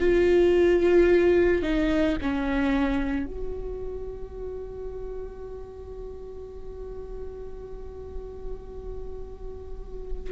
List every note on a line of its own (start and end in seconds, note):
0.00 1.63 F4
1.63 2.17 D#4
2.22 3.26 C#4
3.26 10.32 F#4